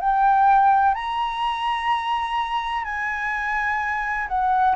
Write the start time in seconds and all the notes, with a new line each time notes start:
0.00 G5
0.94 A#5
2.85 G#5
4.28 F#5